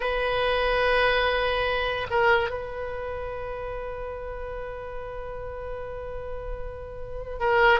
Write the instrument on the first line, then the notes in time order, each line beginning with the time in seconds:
oboe
0.00 B4
2.10 A#4
2.50 B4
7.39 A#4